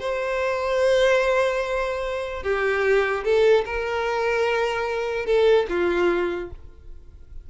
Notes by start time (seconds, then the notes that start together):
0.00 C5
2.43 G4
3.24 A4
3.66 A#4
5.26 A4
5.69 F4